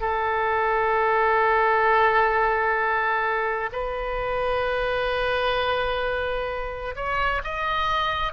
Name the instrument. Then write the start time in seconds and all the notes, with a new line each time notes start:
oboe
0.00 A4
3.72 B4
6.95 C#5
7.43 D#5